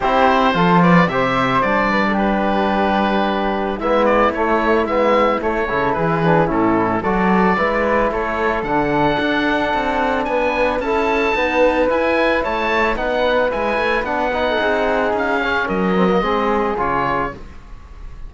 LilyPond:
<<
  \new Staff \with { instrumentName = "oboe" } { \time 4/4 \tempo 4 = 111 c''4. d''8 e''4 d''4 | b'2. e''8 d''8 | cis''4 e''4 cis''4 b'4 | a'4 d''2 cis''4 |
fis''2. gis''4 | a''2 gis''4 a''4 | fis''4 gis''4 fis''2 | f''4 dis''2 cis''4 | }
  \new Staff \with { instrumentName = "flute" } { \time 4/4 g'4 a'8 b'8 c''4. b'16 a'16 | g'2. e'4~ | e'2~ e'8 a'8 gis'4 | e'4 a'4 b'4 a'4~ |
a'2. b'4 | a'4 b'2 cis''4 | b'2~ b'8. a'16 gis'4~ | gis'4 ais'4 gis'2 | }
  \new Staff \with { instrumentName = "trombone" } { \time 4/4 e'4 f'4 g'4 d'4~ | d'2. b4 | a4 b4 a8 e'4 d'8 | cis'4 fis'4 e'2 |
d'1 | e'4 b4 e'2 | dis'4 e'4 d'8 dis'4.~ | dis'8 cis'4 c'16 ais16 c'4 f'4 | }
  \new Staff \with { instrumentName = "cello" } { \time 4/4 c'4 f4 c4 g4~ | g2. gis4 | a4 gis4 a8 cis8 e4 | a,4 fis4 gis4 a4 |
d4 d'4 c'4 b4 | cis'4 dis'4 e'4 a4 | b4 gis8 a8 b4 c'4 | cis'4 fis4 gis4 cis4 | }
>>